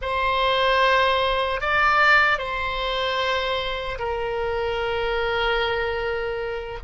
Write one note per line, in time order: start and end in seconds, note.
0.01 1.60 C5
1.60 2.38 D5
2.38 3.98 C5
3.99 6.79 A#4